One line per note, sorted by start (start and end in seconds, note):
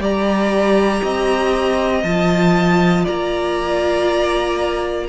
0.00 1.02 G3
0.00 2.04 G4
0.00 1.03 D5
0.00 2.04 A#5
1.03 2.04 C4
1.03 3.04 D#5
2.04 3.05 F3
2.04 5.09 F4
2.04 3.06 A5
3.04 5.09 A#3
3.04 5.08 D5
3.04 5.09 A#5